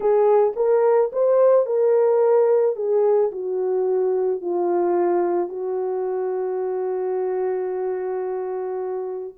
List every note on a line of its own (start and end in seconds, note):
0.00 0.53 G#4
0.56 1.11 A#4
1.12 1.66 C5
1.66 2.75 A#4
2.75 3.31 G#4
3.31 4.41 F#4
4.41 5.48 F4
5.48 9.34 F#4